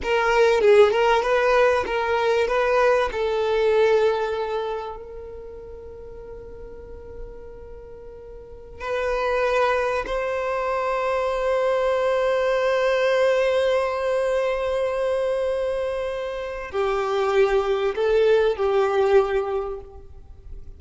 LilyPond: \new Staff \with { instrumentName = "violin" } { \time 4/4 \tempo 4 = 97 ais'4 gis'8 ais'8 b'4 ais'4 | b'4 a'2. | ais'1~ | ais'2~ ais'16 b'4.~ b'16~ |
b'16 c''2.~ c''8.~ | c''1~ | c''2. g'4~ | g'4 a'4 g'2 | }